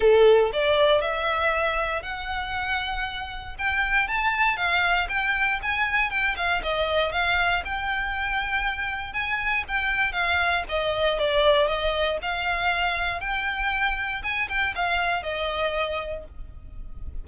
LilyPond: \new Staff \with { instrumentName = "violin" } { \time 4/4 \tempo 4 = 118 a'4 d''4 e''2 | fis''2. g''4 | a''4 f''4 g''4 gis''4 | g''8 f''8 dis''4 f''4 g''4~ |
g''2 gis''4 g''4 | f''4 dis''4 d''4 dis''4 | f''2 g''2 | gis''8 g''8 f''4 dis''2 | }